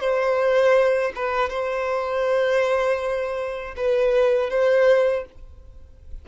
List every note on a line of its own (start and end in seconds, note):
0.00 1.12 C5
1.16 1.50 B4
1.50 3.75 C5
3.77 4.50 B4
4.50 5.25 C5